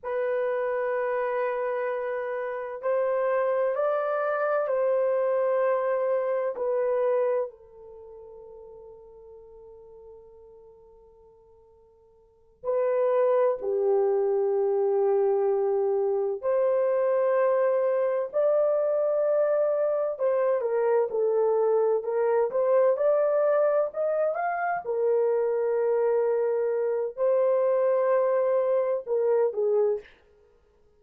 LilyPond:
\new Staff \with { instrumentName = "horn" } { \time 4/4 \tempo 4 = 64 b'2. c''4 | d''4 c''2 b'4 | a'1~ | a'4. b'4 g'4.~ |
g'4. c''2 d''8~ | d''4. c''8 ais'8 a'4 ais'8 | c''8 d''4 dis''8 f''8 ais'4.~ | ais'4 c''2 ais'8 gis'8 | }